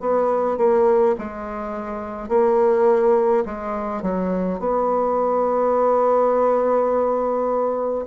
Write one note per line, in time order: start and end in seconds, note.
0.00 0.57 B3
0.57 1.15 A#3
1.18 2.28 G#3
2.28 3.44 A#3
3.45 4.02 G#3
4.02 4.59 F#3
4.59 8.05 B3